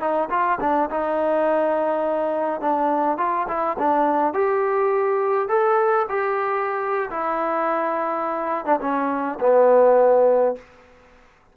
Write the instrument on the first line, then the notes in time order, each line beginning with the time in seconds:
trombone
0.00 D#4
0.30 F4
0.61 D4
0.90 D#4
2.61 D4
3.18 F4
3.48 E4
3.79 D4
4.33 G4
5.48 A4
6.09 G4
7.10 E4
8.65 D4
8.81 C#4
9.40 B3